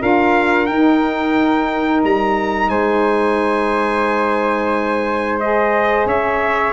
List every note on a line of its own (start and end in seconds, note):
0.00 0.69 D4
0.00 0.67 F4
0.00 2.70 A#4
0.00 0.66 F5
0.66 2.04 D#4
0.66 5.41 D#4
0.66 2.01 G5
2.04 2.69 G3
2.04 2.69 A#5
2.69 6.06 G#3
2.69 6.07 C5
2.69 5.39 G#5
5.40 6.73 G#4
5.40 6.07 D#5
6.06 6.73 C#4
6.06 6.73 C#5
6.06 6.73 E5